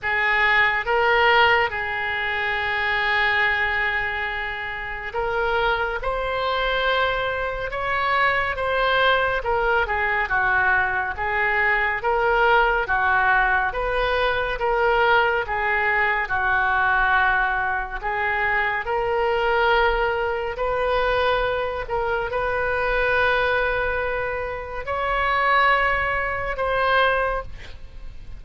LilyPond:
\new Staff \with { instrumentName = "oboe" } { \time 4/4 \tempo 4 = 70 gis'4 ais'4 gis'2~ | gis'2 ais'4 c''4~ | c''4 cis''4 c''4 ais'8 gis'8 | fis'4 gis'4 ais'4 fis'4 |
b'4 ais'4 gis'4 fis'4~ | fis'4 gis'4 ais'2 | b'4. ais'8 b'2~ | b'4 cis''2 c''4 | }